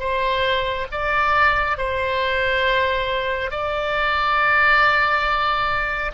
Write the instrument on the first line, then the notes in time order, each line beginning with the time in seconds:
oboe
0.00 C5
0.92 D5
1.78 C5
3.51 D5